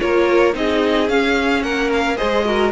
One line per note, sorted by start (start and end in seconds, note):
0.00 0.55 A#3
0.00 0.53 F4
0.00 0.56 A#4
0.00 0.55 C#5
0.53 1.09 C4
0.53 1.08 D#4
0.53 1.64 G#4
0.53 1.09 D#5
1.09 2.17 C#4
1.09 1.62 C#4
1.09 1.63 F5
1.62 2.17 A#3
1.62 2.18 A#4
1.62 1.90 F#5
1.93 2.17 F5
2.17 2.73 G#3
2.17 2.44 G#4
2.17 2.45 C5
2.17 2.72 D#5
2.45 2.72 F#4
2.45 2.73 A#4